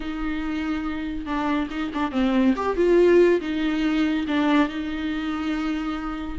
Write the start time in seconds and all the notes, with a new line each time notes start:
0.00 D#4
1.26 D4
1.70 D#4
1.94 D4
2.11 C4
2.56 G4
2.76 F4
3.40 D#4
4.27 D4
4.68 D#4